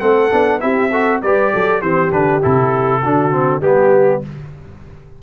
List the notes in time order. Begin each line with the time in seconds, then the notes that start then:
0.00 A3 C4 A4 F#5
0.31 B3 D4
0.60 C4 E4 G4 E5
0.91 F#4 A4
1.22 G3 G4 B4 D5
1.54 F#3 A4
1.81 E3 C4 G4 C5
2.11 D3 D4 B4
2.42 C3 E4 A4
3.03 D3 D4 F#4
3.31 C4
3.61 G3 B3 G4